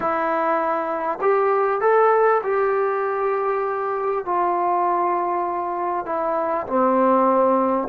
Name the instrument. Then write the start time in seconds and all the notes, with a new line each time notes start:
trombone
0.00 E4
1.21 G4
1.80 A4
2.43 G4
4.25 F4
6.05 E4
6.67 C4